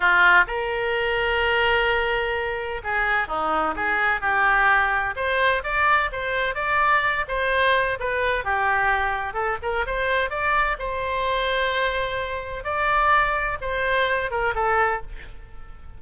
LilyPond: \new Staff \with { instrumentName = "oboe" } { \time 4/4 \tempo 4 = 128 f'4 ais'2.~ | ais'2 gis'4 dis'4 | gis'4 g'2 c''4 | d''4 c''4 d''4. c''8~ |
c''4 b'4 g'2 | a'8 ais'8 c''4 d''4 c''4~ | c''2. d''4~ | d''4 c''4. ais'8 a'4 | }